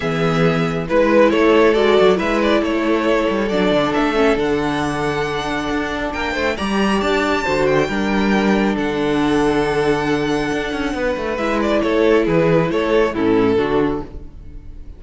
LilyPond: <<
  \new Staff \with { instrumentName = "violin" } { \time 4/4 \tempo 4 = 137 e''2 b'4 cis''4 | d''4 e''8 d''8 cis''2 | d''4 e''4 fis''2~ | fis''2 g''4 ais''4 |
a''4. g''2~ g''8 | fis''1~ | fis''2 e''8 d''8 cis''4 | b'4 cis''4 a'2 | }
  \new Staff \with { instrumentName = "violin" } { \time 4/4 gis'2 b'4 a'4~ | a'4 b'4 a'2~ | a'1~ | a'2 ais'8 c''8 d''4~ |
d''4 c''4 ais'2 | a'1~ | a'4 b'2 a'4 | gis'4 a'4 e'4 fis'4 | }
  \new Staff \with { instrumentName = "viola" } { \time 4/4 b2 e'2 | fis'4 e'2. | d'4. cis'8 d'2~ | d'2. g'4~ |
g'4 fis'4 d'2~ | d'1~ | d'2 e'2~ | e'2 cis'4 d'4 | }
  \new Staff \with { instrumentName = "cello" } { \time 4/4 e2 gis4 a4 | gis8 fis8 gis4 a4. g8 | fis8 d8 a4 d2~ | d4 d'4 ais8 a8 g4 |
d'4 d4 g2 | d1 | d'8 cis'8 b8 a8 gis4 a4 | e4 a4 a,4 d4 | }
>>